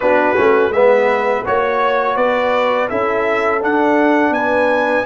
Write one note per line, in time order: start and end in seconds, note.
0.00 0.37 B3
0.00 0.36 D4
0.00 0.74 F#4
0.00 0.72 B4
0.36 0.69 A3
0.36 0.72 C#4
0.69 1.41 G#3
0.69 1.44 B3
0.69 1.46 B4
0.69 1.44 E5
1.44 2.16 A#3
1.44 2.89 F#4
1.44 2.16 C#5
1.44 2.17 C#5
2.16 2.88 B3
2.16 2.89 B4
2.16 2.88 D5
2.89 3.62 C#4
2.89 3.61 E4
2.89 4.34 A4
2.89 3.61 E5
3.61 5.05 D4
3.61 4.30 D4
3.61 4.33 F#5
4.30 5.02 B3
4.30 5.05 B4
4.30 5.05 G#5